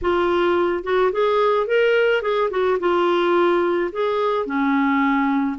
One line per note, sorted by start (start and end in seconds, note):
0.01 0.83 F4
0.83 1.11 F#4
1.12 1.67 G#4
1.67 2.22 A#4
2.22 2.49 G#4
2.50 2.78 F#4
2.79 3.90 F4
3.92 4.45 G#4
4.45 5.57 C#4